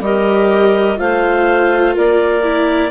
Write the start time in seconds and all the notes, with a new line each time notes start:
0.00 G3 G4 A#4 D#5
0.96 A3 F4 C5 F5
1.94 A#3 A#4 D5
2.43 E4